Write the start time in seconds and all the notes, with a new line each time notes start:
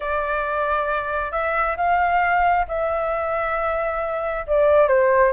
0.00 D5
1.31 E5
1.77 F5
2.68 E5
4.46 D5
4.87 C5